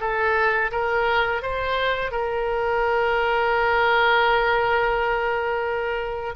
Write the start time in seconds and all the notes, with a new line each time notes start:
0.00 A4
0.71 A#4
1.42 C5
2.11 A#4